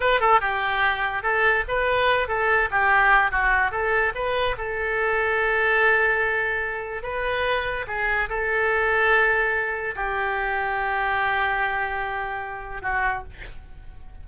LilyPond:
\new Staff \with { instrumentName = "oboe" } { \time 4/4 \tempo 4 = 145 b'8 a'8 g'2 a'4 | b'4. a'4 g'4. | fis'4 a'4 b'4 a'4~ | a'1~ |
a'4 b'2 gis'4 | a'1 | g'1~ | g'2. fis'4 | }